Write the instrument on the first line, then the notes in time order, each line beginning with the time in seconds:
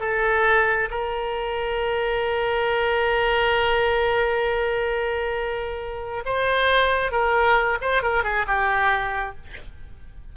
oboe
0.00 A4
0.90 A#4
6.25 C5
7.11 A#4
7.81 C5
8.02 A#4
8.24 G#4
8.47 G4